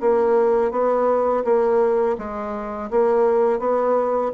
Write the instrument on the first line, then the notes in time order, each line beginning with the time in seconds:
bassoon
0.00 A#3
0.71 B3
1.44 A#3
2.18 G#3
2.90 A#3
3.59 B3